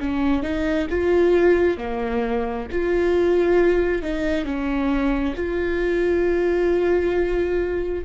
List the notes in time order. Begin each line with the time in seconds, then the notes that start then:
0.00 C#4
0.43 D#4
0.90 F4
1.77 A#3
2.72 F4
4.03 D#4
4.45 C#4
5.36 F4